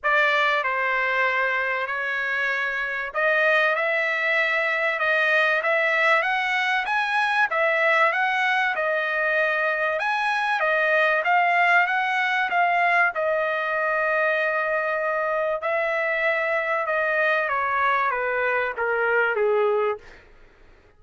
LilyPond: \new Staff \with { instrumentName = "trumpet" } { \time 4/4 \tempo 4 = 96 d''4 c''2 cis''4~ | cis''4 dis''4 e''2 | dis''4 e''4 fis''4 gis''4 | e''4 fis''4 dis''2 |
gis''4 dis''4 f''4 fis''4 | f''4 dis''2.~ | dis''4 e''2 dis''4 | cis''4 b'4 ais'4 gis'4 | }